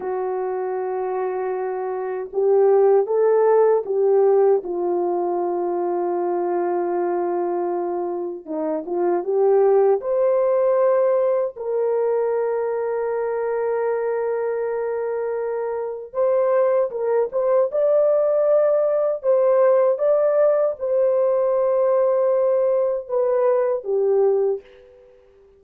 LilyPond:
\new Staff \with { instrumentName = "horn" } { \time 4/4 \tempo 4 = 78 fis'2. g'4 | a'4 g'4 f'2~ | f'2. dis'8 f'8 | g'4 c''2 ais'4~ |
ais'1~ | ais'4 c''4 ais'8 c''8 d''4~ | d''4 c''4 d''4 c''4~ | c''2 b'4 g'4 | }